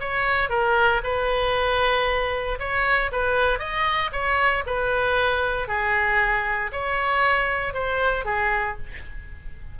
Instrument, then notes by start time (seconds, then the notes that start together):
oboe
0.00 C#5
0.49 A#4
1.03 B4
2.59 C#5
3.12 B4
3.59 D#5
4.12 C#5
4.66 B4
5.68 G#4
6.72 C#5
7.74 C5
8.25 G#4